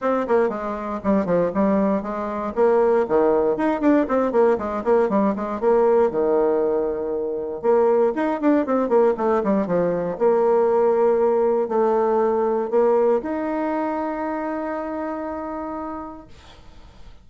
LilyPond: \new Staff \with { instrumentName = "bassoon" } { \time 4/4 \tempo 4 = 118 c'8 ais8 gis4 g8 f8 g4 | gis4 ais4 dis4 dis'8 d'8 | c'8 ais8 gis8 ais8 g8 gis8 ais4 | dis2. ais4 |
dis'8 d'8 c'8 ais8 a8 g8 f4 | ais2. a4~ | a4 ais4 dis'2~ | dis'1 | }